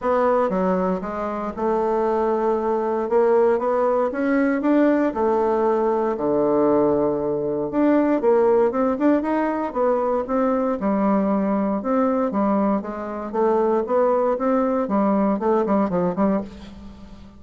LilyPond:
\new Staff \with { instrumentName = "bassoon" } { \time 4/4 \tempo 4 = 117 b4 fis4 gis4 a4~ | a2 ais4 b4 | cis'4 d'4 a2 | d2. d'4 |
ais4 c'8 d'8 dis'4 b4 | c'4 g2 c'4 | g4 gis4 a4 b4 | c'4 g4 a8 g8 f8 g8 | }